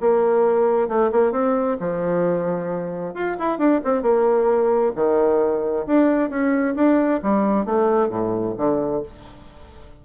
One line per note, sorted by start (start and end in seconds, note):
0.00 0.88 A#3
0.88 1.11 A3
1.11 1.32 A#3
1.32 1.77 C4
1.80 3.14 F3
3.14 3.36 F4
3.39 3.58 E4
3.58 3.81 D4
3.84 4.02 C4
4.02 4.92 A#3
4.95 5.85 D#3
5.86 6.30 D4
6.30 6.75 C#4
6.75 7.20 D4
7.23 7.65 G3
7.65 8.09 A3
8.09 8.54 A2
8.57 9.02 D3